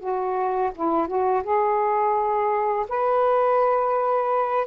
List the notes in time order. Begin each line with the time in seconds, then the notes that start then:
0.00 F#4
0.75 E4
1.07 F#4
1.44 G#4
2.89 B4